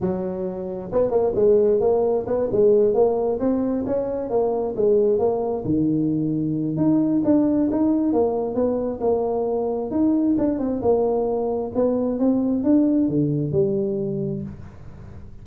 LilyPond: \new Staff \with { instrumentName = "tuba" } { \time 4/4 \tempo 4 = 133 fis2 b8 ais8 gis4 | ais4 b8 gis4 ais4 c'8~ | c'8 cis'4 ais4 gis4 ais8~ | ais8 dis2~ dis8 dis'4 |
d'4 dis'4 ais4 b4 | ais2 dis'4 d'8 c'8 | ais2 b4 c'4 | d'4 d4 g2 | }